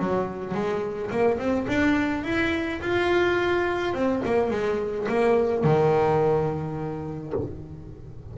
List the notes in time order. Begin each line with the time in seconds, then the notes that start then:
0.00 F#3
0.54 G#3
1.11 A#3
1.39 C4
1.68 D4
2.24 E4
2.82 F4
3.94 C4
4.26 A#3
4.51 G#3
5.09 A#3
5.64 D#3